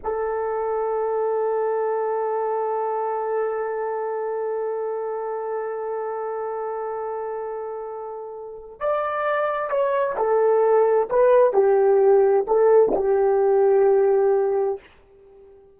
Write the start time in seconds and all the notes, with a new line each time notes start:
0.03 A4
8.79 D5
9.69 C#5
10.16 A4
11.09 B4
11.53 G4
12.47 A4
12.95 G4